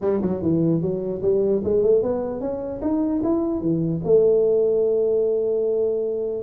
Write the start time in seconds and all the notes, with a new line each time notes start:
0.01 G3
0.21 F#3
0.42 E3
0.81 F#3
1.22 G3
1.63 G#3
1.83 A3
2.02 B3
2.40 C#4
2.81 D#4
3.23 E4
3.60 E3
4.04 A3